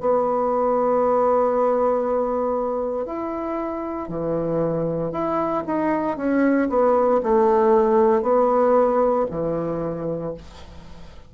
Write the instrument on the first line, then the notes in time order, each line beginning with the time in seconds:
bassoon
0.00 B3
3.05 E4
4.08 E3
5.12 E4
5.66 D#4
6.17 C#4
6.69 B3
7.23 A3
8.22 B3
9.31 E3